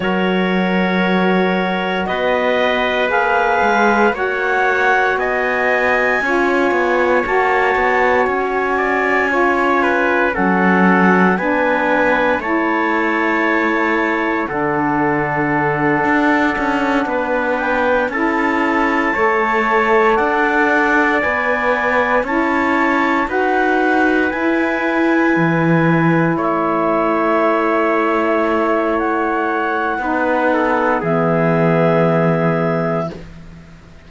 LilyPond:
<<
  \new Staff \with { instrumentName = "clarinet" } { \time 4/4 \tempo 4 = 58 cis''2 dis''4 f''4 | fis''4 gis''2 a''4 | gis''2 fis''4 gis''4 | a''2 fis''2~ |
fis''4 g''8 a''2 fis''8~ | fis''8 gis''4 a''4 fis''4 gis''8~ | gis''4. e''2~ e''8 | fis''2 e''2 | }
  \new Staff \with { instrumentName = "trumpet" } { \time 4/4 ais'2 b'2 | cis''4 dis''4 cis''2~ | cis''8 d''8 cis''8 b'8 a'4 b'4 | cis''2 a'2~ |
a'8 b'4 a'4 cis''4 d''8~ | d''4. cis''4 b'4.~ | b'4. cis''2~ cis''8~ | cis''4 b'8 a'8 gis'2 | }
  \new Staff \with { instrumentName = "saxophone" } { \time 4/4 fis'2. gis'4 | fis'2 f'4 fis'4~ | fis'4 f'4 cis'4 d'4 | e'2 d'2~ |
d'4. e'4 a'4.~ | a'8 b'4 e'4 fis'4 e'8~ | e'1~ | e'4 dis'4 b2 | }
  \new Staff \with { instrumentName = "cello" } { \time 4/4 fis2 b4 ais8 gis8 | ais4 b4 cis'8 b8 ais8 b8 | cis'2 fis4 b4 | a2 d4. d'8 |
cis'8 b4 cis'4 a4 d'8~ | d'8 b4 cis'4 dis'4 e'8~ | e'8 e4 a2~ a8~ | a4 b4 e2 | }
>>